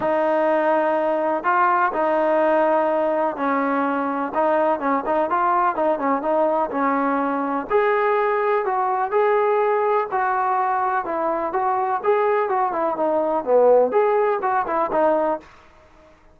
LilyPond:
\new Staff \with { instrumentName = "trombone" } { \time 4/4 \tempo 4 = 125 dis'2. f'4 | dis'2. cis'4~ | cis'4 dis'4 cis'8 dis'8 f'4 | dis'8 cis'8 dis'4 cis'2 |
gis'2 fis'4 gis'4~ | gis'4 fis'2 e'4 | fis'4 gis'4 fis'8 e'8 dis'4 | b4 gis'4 fis'8 e'8 dis'4 | }